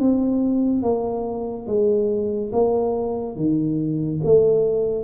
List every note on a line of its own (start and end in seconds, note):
0.00 0.83 C4
0.83 1.67 A#3
1.67 2.52 G#3
2.53 3.36 A#3
3.36 4.21 D#3
4.24 5.05 A3